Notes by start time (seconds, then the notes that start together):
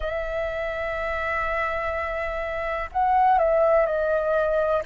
0.00 E5
2.92 F#5
3.38 E5
3.85 D#5